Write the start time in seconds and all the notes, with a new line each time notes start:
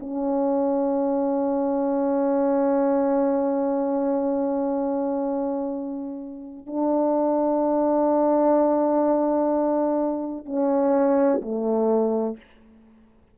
0.00 C#4
6.67 D4
10.46 C#4
11.42 A3